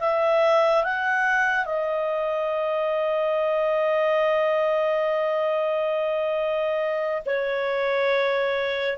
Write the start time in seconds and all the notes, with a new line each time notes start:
0.00 E5
0.84 F#5
1.66 D#5
7.26 C#5